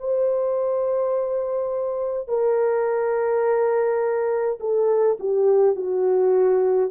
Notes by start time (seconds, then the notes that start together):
0.00 C5
2.29 A#4
4.60 A4
5.20 G4
5.76 F#4